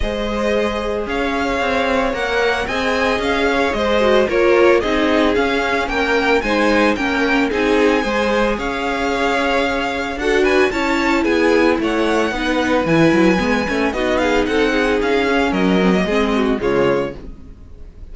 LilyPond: <<
  \new Staff \with { instrumentName = "violin" } { \time 4/4 \tempo 4 = 112 dis''2 f''2 | fis''4 gis''4 f''4 dis''4 | cis''4 dis''4 f''4 g''4 | gis''4 g''4 gis''2 |
f''2. fis''8 gis''8 | a''4 gis''4 fis''2 | gis''2 dis''8 f''8 fis''4 | f''4 dis''2 cis''4 | }
  \new Staff \with { instrumentName = "violin" } { \time 4/4 c''2 cis''2~ | cis''4 dis''4. cis''8 c''4 | ais'4 gis'2 ais'4 | c''4 ais'4 gis'4 c''4 |
cis''2. a'8 b'8 | cis''4 gis'4 cis''4 b'4~ | b'2 fis'8 gis'8 a'8 gis'8~ | gis'4 ais'4 gis'8 fis'8 f'4 | }
  \new Staff \with { instrumentName = "viola" } { \time 4/4 gis'1 | ais'4 gis'2~ gis'8 fis'8 | f'4 dis'4 cis'2 | dis'4 cis'4 dis'4 gis'4~ |
gis'2. fis'4 | e'2. dis'4 | e'4 b8 cis'8 dis'2~ | dis'8 cis'4 c'16 ais16 c'4 gis4 | }
  \new Staff \with { instrumentName = "cello" } { \time 4/4 gis2 cis'4 c'4 | ais4 c'4 cis'4 gis4 | ais4 c'4 cis'4 ais4 | gis4 ais4 c'4 gis4 |
cis'2. d'4 | cis'4 b4 a4 b4 | e8 fis8 gis8 a8 b4 c'4 | cis'4 fis4 gis4 cis4 | }
>>